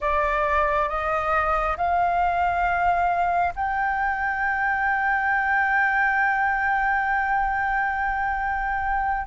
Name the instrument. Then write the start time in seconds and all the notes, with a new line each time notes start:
flute
0.00 D5
0.88 D#5
1.76 F5
3.55 G5